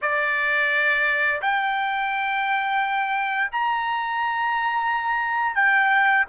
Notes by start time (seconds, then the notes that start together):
0.01 D5
1.41 G5
3.51 A#5
5.55 G5